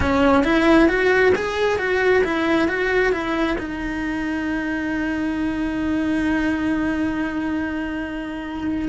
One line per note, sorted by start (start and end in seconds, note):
0.00 0.43 C#4
0.43 0.88 E4
0.88 1.33 F#4
1.35 1.78 G#4
1.78 2.22 F#4
2.24 2.68 E4
2.68 3.12 F#4
3.12 3.57 E4
3.58 8.88 D#4